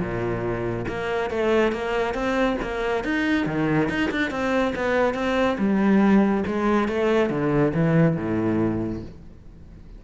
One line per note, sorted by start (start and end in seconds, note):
0.00 0.86 A#2
0.88 1.31 A#3
1.31 1.72 A3
1.72 2.14 A#3
2.14 2.57 C4
2.62 3.04 A#3
3.04 3.46 D#4
3.46 3.89 D#3
3.89 4.10 D#4
4.11 4.31 D4
4.31 4.74 C4
4.75 5.14 B3
5.14 5.57 C4
5.58 6.44 G3
6.47 6.88 G#3
6.88 7.30 A3
7.30 7.73 D3
7.74 8.17 E3
8.17 9.02 A2